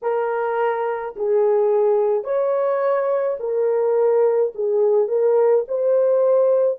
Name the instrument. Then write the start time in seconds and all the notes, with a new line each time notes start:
horn
0.02 A#4
1.16 G#4
2.24 C#5
3.40 A#4
4.54 G#4
5.08 A#4
5.68 C5